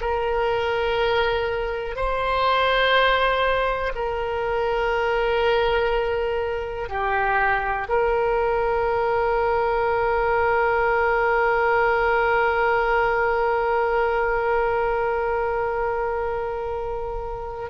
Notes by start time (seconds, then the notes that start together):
0.00 A#4
1.95 C5
3.94 A#4
6.89 G4
7.88 A#4